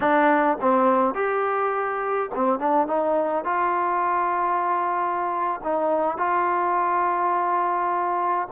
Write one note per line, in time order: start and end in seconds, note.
0.00 0.57 D4
0.61 1.14 C4
1.14 2.29 G4
2.34 2.59 C4
2.59 2.87 D4
2.87 3.44 D#4
3.44 5.60 F4
5.63 6.17 D#4
6.17 8.48 F4